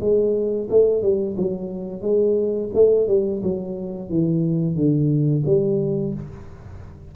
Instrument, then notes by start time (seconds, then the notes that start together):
tuba
0.00 G#3
0.69 A3
1.02 G3
1.37 F#3
2.01 G#3
2.74 A3
3.07 G3
3.42 F#3
4.09 E3
4.75 D3
5.45 G3